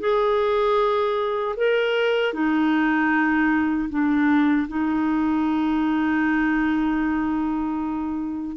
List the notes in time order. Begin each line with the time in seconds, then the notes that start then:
0.00 G#4
1.57 A#4
2.34 D#4
3.90 D4
4.68 D#4